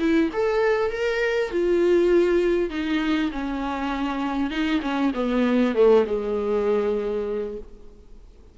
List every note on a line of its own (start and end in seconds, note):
0.00 0.30 E4
0.33 0.91 A4
0.91 1.51 A#4
1.51 2.70 F4
2.70 3.31 D#4
3.32 4.50 C#4
4.50 4.81 D#4
4.82 5.12 C#4
5.14 5.75 B3
5.75 6.05 A3
6.07 7.58 G#3